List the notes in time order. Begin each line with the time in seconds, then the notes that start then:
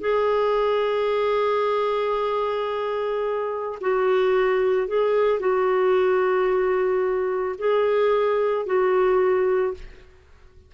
0.00 G#4
3.80 F#4
4.87 G#4
5.39 F#4
7.58 G#4
8.66 F#4